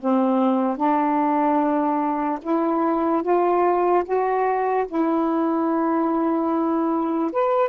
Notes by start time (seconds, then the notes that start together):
0.00 C4
0.77 D4
2.42 E4
3.22 F4
4.04 F#4
4.88 E4
7.32 B4